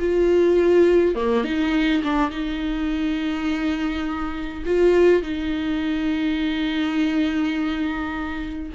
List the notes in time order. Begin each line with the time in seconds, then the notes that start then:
0.00 F4
1.16 A#3
1.45 D#4
2.04 D4
2.31 D#4
4.66 F4
5.23 D#4